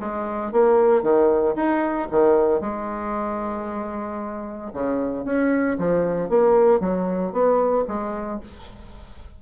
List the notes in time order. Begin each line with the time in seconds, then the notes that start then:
0.00 G#3
0.52 A#3
1.02 D#3
1.56 D#4
2.11 D#3
2.61 G#3
4.73 C#3
5.25 C#4
5.78 F3
6.29 A#3
6.80 F#3
7.32 B3
7.88 G#3